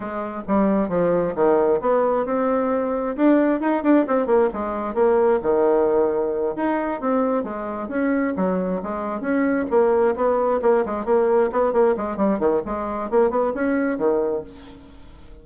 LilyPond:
\new Staff \with { instrumentName = "bassoon" } { \time 4/4 \tempo 4 = 133 gis4 g4 f4 dis4 | b4 c'2 d'4 | dis'8 d'8 c'8 ais8 gis4 ais4 | dis2~ dis8 dis'4 c'8~ |
c'8 gis4 cis'4 fis4 gis8~ | gis8 cis'4 ais4 b4 ais8 | gis8 ais4 b8 ais8 gis8 g8 dis8 | gis4 ais8 b8 cis'4 dis4 | }